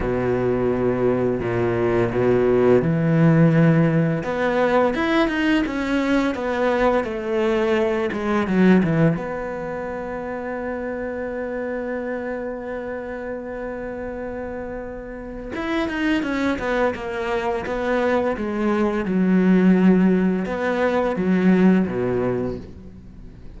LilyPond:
\new Staff \with { instrumentName = "cello" } { \time 4/4 \tempo 4 = 85 b,2 ais,4 b,4 | e2 b4 e'8 dis'8 | cis'4 b4 a4. gis8 | fis8 e8 b2.~ |
b1~ | b2 e'8 dis'8 cis'8 b8 | ais4 b4 gis4 fis4~ | fis4 b4 fis4 b,4 | }